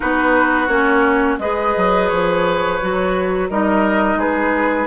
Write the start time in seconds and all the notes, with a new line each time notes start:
0.00 B3 D#4 F#4 B4
0.67 A#3 C#4 C#5
1.39 G#3 G#4 B4 D#5
1.76 F#3
2.08 F3 C#5
2.81 F#3 F#4
3.50 G3 D#4 A#4 D#5
4.15 G#3 G#4 B4